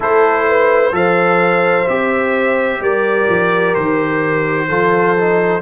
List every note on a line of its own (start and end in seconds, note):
0.00 0.92 A3
0.00 0.91 E4
0.00 0.45 A4
0.00 0.95 C5
0.48 0.95 B4
0.91 1.86 F3
0.91 1.85 A4
0.91 2.82 C5
0.91 1.88 F5
1.88 2.79 C4
1.88 4.69 G4
1.88 2.81 E5
2.79 3.26 G3
2.79 4.68 A#4
2.79 3.74 D5
3.29 3.75 F3
3.74 4.69 D#3
3.74 5.61 C5
4.68 5.61 F3
4.68 5.16 F4
4.68 5.61 A4
5.16 5.61 D#4